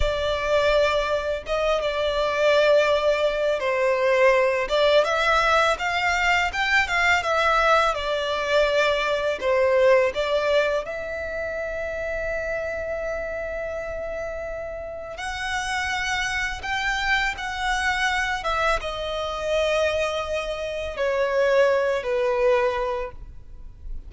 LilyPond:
\new Staff \with { instrumentName = "violin" } { \time 4/4 \tempo 4 = 83 d''2 dis''8 d''4.~ | d''4 c''4. d''8 e''4 | f''4 g''8 f''8 e''4 d''4~ | d''4 c''4 d''4 e''4~ |
e''1~ | e''4 fis''2 g''4 | fis''4. e''8 dis''2~ | dis''4 cis''4. b'4. | }